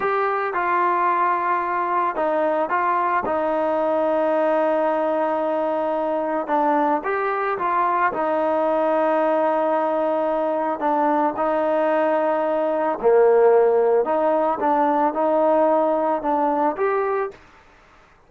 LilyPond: \new Staff \with { instrumentName = "trombone" } { \time 4/4 \tempo 4 = 111 g'4 f'2. | dis'4 f'4 dis'2~ | dis'1 | d'4 g'4 f'4 dis'4~ |
dis'1 | d'4 dis'2. | ais2 dis'4 d'4 | dis'2 d'4 g'4 | }